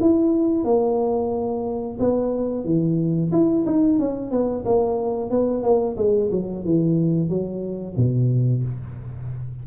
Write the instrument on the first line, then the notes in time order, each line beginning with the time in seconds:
tuba
0.00 E4
0.64 A#3
1.99 B3
2.64 E3
3.32 E4
3.65 D#4
3.99 C#4
4.31 B3
4.65 A#3
5.30 B3
5.63 A#3
5.97 G#3
6.31 F#3
6.65 E3
7.29 F#3
7.96 B2